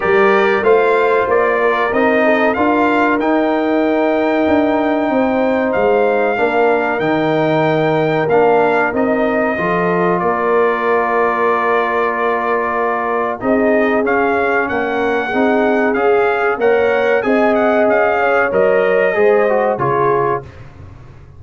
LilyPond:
<<
  \new Staff \with { instrumentName = "trumpet" } { \time 4/4 \tempo 4 = 94 d''4 f''4 d''4 dis''4 | f''4 g''2.~ | g''4 f''2 g''4~ | g''4 f''4 dis''2 |
d''1~ | d''4 dis''4 f''4 fis''4~ | fis''4 f''4 fis''4 gis''8 fis''8 | f''4 dis''2 cis''4 | }
  \new Staff \with { instrumentName = "horn" } { \time 4/4 ais'4 c''4. ais'4 a'8 | ais'1 | c''2 ais'2~ | ais'2. a'4 |
ais'1~ | ais'4 gis'2 ais'4 | gis'2 cis''4 dis''4~ | dis''8 cis''4. c''4 gis'4 | }
  \new Staff \with { instrumentName = "trombone" } { \time 4/4 g'4 f'2 dis'4 | f'4 dis'2.~ | dis'2 d'4 dis'4~ | dis'4 d'4 dis'4 f'4~ |
f'1~ | f'4 dis'4 cis'2 | dis'4 gis'4 ais'4 gis'4~ | gis'4 ais'4 gis'8 fis'8 f'4 | }
  \new Staff \with { instrumentName = "tuba" } { \time 4/4 g4 a4 ais4 c'4 | d'4 dis'2 d'4 | c'4 gis4 ais4 dis4~ | dis4 ais4 c'4 f4 |
ais1~ | ais4 c'4 cis'4 ais4 | c'4 cis'4 ais4 c'4 | cis'4 fis4 gis4 cis4 | }
>>